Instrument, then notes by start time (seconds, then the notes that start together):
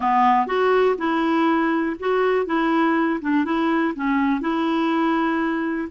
clarinet
0.00 B3
0.46 F#4
0.97 E4
1.99 F#4
2.46 E4
3.21 D4
3.44 E4
3.95 C#4
4.40 E4